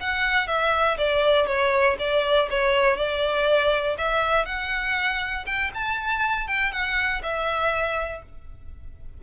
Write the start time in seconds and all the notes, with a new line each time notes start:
0.00 F#5
0.47 E5
0.97 D5
1.46 C#5
1.99 D5
2.50 C#5
2.96 D5
3.98 E5
4.45 F#5
5.46 G5
5.74 A5
6.47 G5
6.72 F#5
7.22 E5